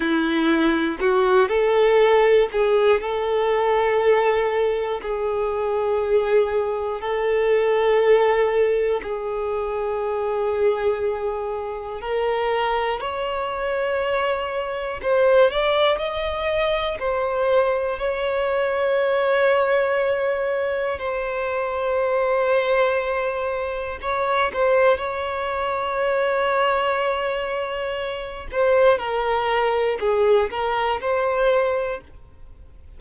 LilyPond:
\new Staff \with { instrumentName = "violin" } { \time 4/4 \tempo 4 = 60 e'4 fis'8 a'4 gis'8 a'4~ | a'4 gis'2 a'4~ | a'4 gis'2. | ais'4 cis''2 c''8 d''8 |
dis''4 c''4 cis''2~ | cis''4 c''2. | cis''8 c''8 cis''2.~ | cis''8 c''8 ais'4 gis'8 ais'8 c''4 | }